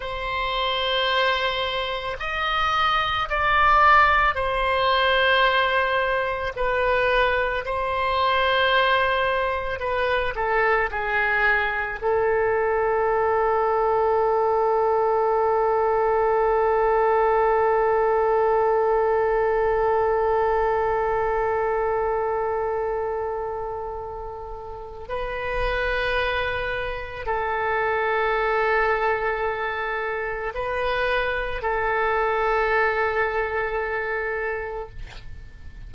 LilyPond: \new Staff \with { instrumentName = "oboe" } { \time 4/4 \tempo 4 = 55 c''2 dis''4 d''4 | c''2 b'4 c''4~ | c''4 b'8 a'8 gis'4 a'4~ | a'1~ |
a'1~ | a'2. b'4~ | b'4 a'2. | b'4 a'2. | }